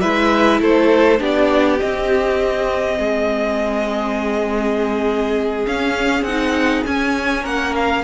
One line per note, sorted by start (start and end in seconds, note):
0.00 0.60 G#3
0.00 1.18 E4
0.00 0.60 B4
0.00 0.59 E5
0.60 1.19 A3
0.60 1.19 A4
0.60 1.22 C5
1.18 1.79 B3
1.18 1.77 D4
1.18 2.98 G4
1.18 1.79 D5
1.79 5.66 C4
1.79 2.98 C4
1.79 5.65 D#5
2.98 5.65 G#3
2.98 7.42 G#4
5.66 6.22 C#4
5.66 6.26 C#4
5.66 6.23 F5
6.22 6.81 C4
6.22 6.83 F#5
6.28 6.85 D#4
6.85 8.03 C#4
6.85 7.44 C#4
6.85 7.45 G#5
7.42 8.03 A#3
7.42 8.01 A#4
7.42 7.74 F#5
7.75 8.03 F5